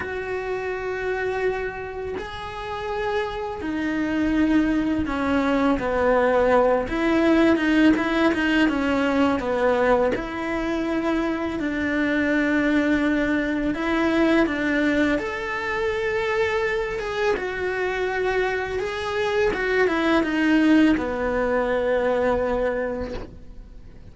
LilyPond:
\new Staff \with { instrumentName = "cello" } { \time 4/4 \tempo 4 = 83 fis'2. gis'4~ | gis'4 dis'2 cis'4 | b4. e'4 dis'8 e'8 dis'8 | cis'4 b4 e'2 |
d'2. e'4 | d'4 a'2~ a'8 gis'8 | fis'2 gis'4 fis'8 e'8 | dis'4 b2. | }